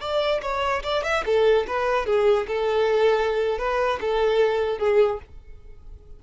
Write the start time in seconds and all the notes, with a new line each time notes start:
0.00 D5
0.42 C#5
0.83 D5
1.03 E5
1.25 A4
1.67 B4
2.06 G#4
2.47 A4
3.58 B4
4.00 A4
4.78 G#4